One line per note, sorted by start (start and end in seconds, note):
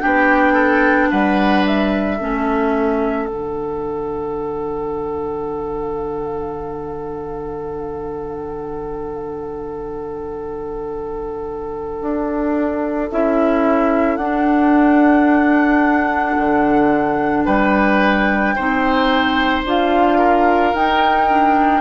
0.00 1.12 B3
0.00 2.18 D4
0.00 0.54 G4
0.00 1.10 G5
0.54 1.08 A4
1.11 2.20 G3
1.11 2.17 B4
1.11 1.65 F#5
1.66 3.27 E5
2.17 3.29 A3
2.17 3.29 C#4
2.17 17.45 A4
3.27 12.01 D3
3.27 13.11 D4
3.27 13.09 F#5
12.01 13.10 D4
13.11 14.17 C#4
13.11 14.19 E4
13.11 14.17 E5
14.17 16.36 D4
14.17 18.56 D4
14.17 17.44 F#5
16.37 17.47 D3
17.45 18.56 G3
17.45 18.55 B4
17.45 19.63 G5
18.56 19.65 C4
18.56 19.66 D#4
18.56 20.18 C5
19.65 20.73 D4
19.65 20.75 F4
19.65 20.75 F5
20.18 21.81 A#4
20.73 21.81 D#4
20.73 21.29 D#4
20.73 21.81 G5
21.29 21.81 D4